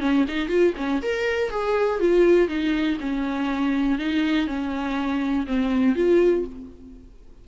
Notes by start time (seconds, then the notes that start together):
0.00 C#4
0.28 D#4
0.48 F4
0.77 C#4
1.02 A#4
1.50 G#4
2.00 F4
2.48 D#4
3.00 C#4
3.98 D#4
4.47 C#4
5.47 C4
5.95 F4